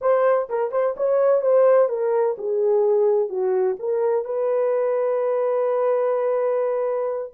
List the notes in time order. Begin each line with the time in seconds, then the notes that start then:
0.01 C5
0.49 A#4
0.71 C5
0.96 C#5
1.41 C5
1.89 A#4
2.38 G#4
3.29 F#4
3.79 A#4
4.25 B4